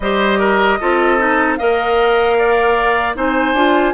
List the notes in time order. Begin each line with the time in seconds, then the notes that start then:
0.00 G3 G4 C5 D#5
0.38 A#4
0.80 C4 F4 A4
1.18 D#4
1.56 A#3 A#4 D#5 F5
2.37 D5
3.15 C4 D#4 C5 G#5
3.53 D4 F4